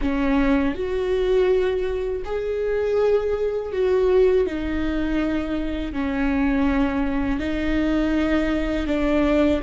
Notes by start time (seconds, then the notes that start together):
0.01 C#4
0.74 F#4
2.24 G#4
3.72 F#4
4.46 D#4
5.93 C#4
7.39 D#4
8.87 D4